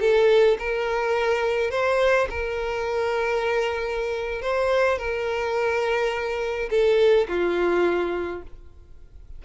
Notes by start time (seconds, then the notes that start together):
0.00 A4
0.59 A#4
1.70 C5
2.30 A#4
4.42 C5
4.98 A#4
6.70 A4
7.28 F4